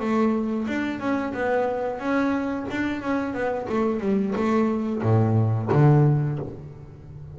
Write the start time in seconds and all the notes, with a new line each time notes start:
0.00 A3
0.68 D4
1.00 C#4
1.33 B3
1.99 C#4
2.71 D4
3.02 C#4
3.34 B3
3.69 A3
4.00 G3
4.36 A3
5.03 A2
5.72 D3